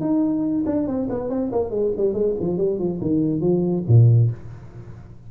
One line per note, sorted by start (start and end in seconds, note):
0.00 0.64 D#4
0.65 0.87 D4
0.87 1.08 C4
1.09 1.29 B3
1.29 1.51 C4
1.51 1.70 A#3
1.70 1.91 G#3
1.96 2.13 G3
2.13 2.34 G#3
2.40 2.57 F3
2.57 2.78 G3
2.78 3.00 F3
3.01 3.40 D#3
3.40 3.83 F3
3.88 4.30 A#2